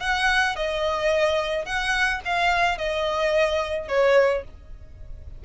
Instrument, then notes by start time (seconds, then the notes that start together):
violin
0.00 F#5
0.56 D#5
1.65 F#5
2.24 F5
2.78 D#5
3.88 C#5